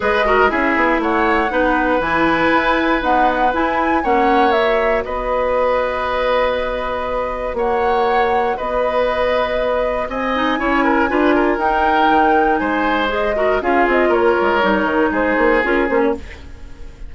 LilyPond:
<<
  \new Staff \with { instrumentName = "flute" } { \time 4/4 \tempo 4 = 119 dis''4 e''4 fis''2 | gis''2 fis''4 gis''4 | fis''4 e''4 dis''2~ | dis''2. fis''4~ |
fis''4 dis''2. | gis''2. g''4~ | g''4 gis''4 dis''4 f''8 dis''8 | cis''2 c''4 ais'8 c''16 cis''16 | }
  \new Staff \with { instrumentName = "oboe" } { \time 4/4 b'8 ais'8 gis'4 cis''4 b'4~ | b'1 | cis''2 b'2~ | b'2. cis''4~ |
cis''4 b'2. | dis''4 cis''8 ais'8 b'8 ais'4.~ | ais'4 c''4. ais'8 gis'4 | ais'2 gis'2 | }
  \new Staff \with { instrumentName = "clarinet" } { \time 4/4 gis'8 fis'8 e'2 dis'4 | e'2 b4 e'4 | cis'4 fis'2.~ | fis'1~ |
fis'1~ | fis'8 dis'8 e'4 f'4 dis'4~ | dis'2 gis'8 fis'8 f'4~ | f'4 dis'2 f'8 cis'8 | }
  \new Staff \with { instrumentName = "bassoon" } { \time 4/4 gis4 cis'8 b8 a4 b4 | e4 e'4 dis'4 e'4 | ais2 b2~ | b2. ais4~ |
ais4 b2. | c'4 cis'4 d'4 dis'4 | dis4 gis2 cis'8 c'8 | ais8 gis8 g8 dis8 gis8 ais8 cis'8 ais8 | }
>>